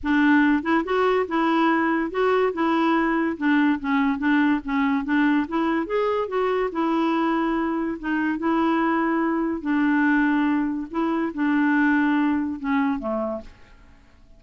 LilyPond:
\new Staff \with { instrumentName = "clarinet" } { \time 4/4 \tempo 4 = 143 d'4. e'8 fis'4 e'4~ | e'4 fis'4 e'2 | d'4 cis'4 d'4 cis'4 | d'4 e'4 gis'4 fis'4 |
e'2. dis'4 | e'2. d'4~ | d'2 e'4 d'4~ | d'2 cis'4 a4 | }